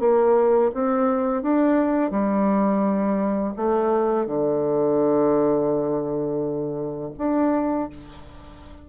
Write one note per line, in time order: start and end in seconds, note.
0.00 0.71 A#3
0.74 1.43 C4
1.43 2.11 D4
2.11 3.54 G3
3.57 4.27 A3
4.27 7.13 D3
7.18 7.90 D4